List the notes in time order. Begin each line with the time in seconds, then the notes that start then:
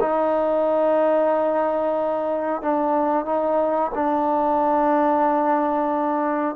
0.00 D#4
2.62 D4
3.25 D#4
3.94 D4